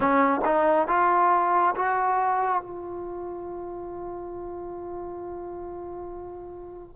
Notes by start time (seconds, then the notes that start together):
0.00 C#4
0.44 D#4
0.87 F4
1.75 F#4
2.61 F4